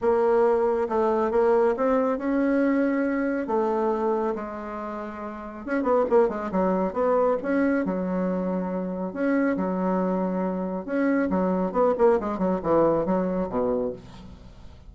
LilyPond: \new Staff \with { instrumentName = "bassoon" } { \time 4/4 \tempo 4 = 138 ais2 a4 ais4 | c'4 cis'2. | a2 gis2~ | gis4 cis'8 b8 ais8 gis8 fis4 |
b4 cis'4 fis2~ | fis4 cis'4 fis2~ | fis4 cis'4 fis4 b8 ais8 | gis8 fis8 e4 fis4 b,4 | }